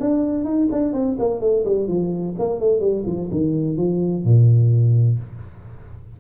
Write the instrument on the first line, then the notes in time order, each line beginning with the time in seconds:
tuba
0.00 D4
0.45 D#4
0.72 D4
0.93 C4
1.19 A#3
1.41 A3
1.65 G3
1.88 F3
2.38 A#3
2.60 A3
2.80 G3
3.06 F3
3.32 D#3
3.77 F3
4.24 A#2